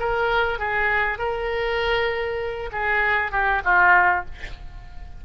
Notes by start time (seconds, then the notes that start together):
0.00 A#4
0.59 G#4
1.19 A#4
2.73 G#4
3.32 G4
3.65 F4